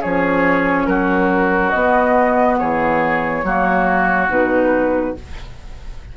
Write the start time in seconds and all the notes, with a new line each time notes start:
0.00 F3 C#4 G#4 C#5
0.86 F#3 F#4 A#4
1.69 B3 D#5
2.58 E3 G#4 C#5
3.42 F#3 A#3 F#4
4.28 B2 D#4 B4